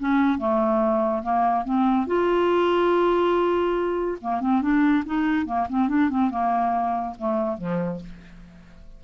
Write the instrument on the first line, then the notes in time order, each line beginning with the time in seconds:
clarinet
0.00 C#4
0.39 A3
1.23 A#3
1.65 C4
2.07 F4
4.22 A#3
4.41 C4
4.62 D4
5.06 D#4
5.46 A#3
5.70 C4
5.89 D4
6.10 C4
6.31 A#3
7.19 A3
7.58 F3